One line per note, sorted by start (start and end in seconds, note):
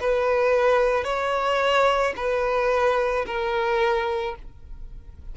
0.00 1.04 B4
1.04 2.13 C#5
2.16 3.25 B4
3.26 4.35 A#4